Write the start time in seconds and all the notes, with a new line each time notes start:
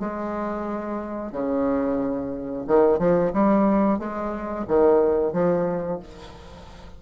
0.00 G#3
1.32 C#3
2.68 D#3
2.99 F3
3.34 G3
3.99 G#3
4.68 D#3
5.33 F3